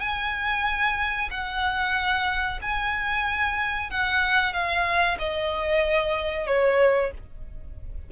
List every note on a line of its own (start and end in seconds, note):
0.00 1.29 G#5
1.30 2.60 F#5
2.61 3.90 G#5
3.90 4.53 F#5
4.53 5.18 F5
5.19 6.47 D#5
6.47 7.11 C#5